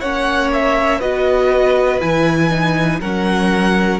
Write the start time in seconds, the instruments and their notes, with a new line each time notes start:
0.00 cello A#3, viola C#4, violin C#5 F#5
0.53 violin E5
0.99 cello B3, viola F#4, violin B4 D#5
2.00 cello E3, viola E4, violin G#5
2.50 viola D#4
3.00 cello F#3, viola C#4, violin A#4 F#5